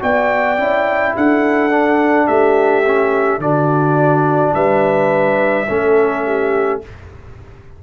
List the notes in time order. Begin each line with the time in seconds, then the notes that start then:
0.00 B3 F#4 D5 G5
0.58 C#4 E4
1.16 D4 A4 F#5
1.70 D4
2.27 A3 G4 E5
2.86 C#4
3.38 D3 D4 F#4 D5
4.54 G3 B4 E5
5.68 A3 C#4 A4
6.25 G4